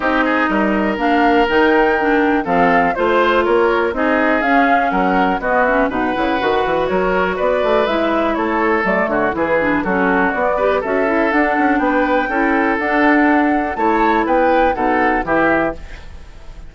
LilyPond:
<<
  \new Staff \with { instrumentName = "flute" } { \time 4/4 \tempo 4 = 122 dis''2 f''4 g''4~ | g''4 f''4 c''4 cis''4 | dis''4 f''4 fis''4 dis''8 e''8 | fis''2 cis''4 d''4 |
e''4 cis''4 d''8 cis''8 b'4 | a'4 d''4 e''4 fis''4 | g''2 fis''2 | a''4 g''4 fis''4 e''4 | }
  \new Staff \with { instrumentName = "oboe" } { \time 4/4 g'8 gis'8 ais'2.~ | ais'4 a'4 c''4 ais'4 | gis'2 ais'4 fis'4 | b'2 ais'4 b'4~ |
b'4 a'4. fis'8 gis'4 | fis'4. b'8 a'2 | b'4 a'2. | cis''4 b'4 a'4 g'4 | }
  \new Staff \with { instrumentName = "clarinet" } { \time 4/4 dis'2 d'4 dis'4 | d'4 c'4 f'2 | dis'4 cis'2 b8 cis'8 | dis'8 e'8 fis'2. |
e'2 a4 e'8 d'8 | cis'4 b8 g'8 fis'8 e'8 d'4~ | d'4 e'4 d'2 | e'2 dis'4 e'4 | }
  \new Staff \with { instrumentName = "bassoon" } { \time 4/4 c'4 g4 ais4 dis4~ | dis4 f4 a4 ais4 | c'4 cis'4 fis4 b4 | b,8 cis8 dis8 e8 fis4 b8 a8 |
gis4 a4 fis8 d8 e4 | fis4 b4 cis'4 d'8 cis'8 | b4 cis'4 d'2 | a4 b4 b,4 e4 | }
>>